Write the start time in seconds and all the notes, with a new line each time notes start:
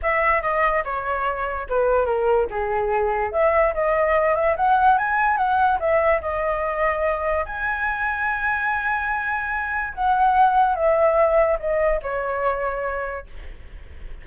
0.02 E5
0.42 D#5
0.84 C#5
1.69 B4
2.05 A#4
2.50 G#4
3.32 E5
3.74 D#5
4.35 E5
4.56 F#5
4.97 G#5
5.37 F#5
5.79 E5
6.21 D#5
7.45 G#5
9.93 F#5
10.75 E5
11.59 D#5
12.02 C#5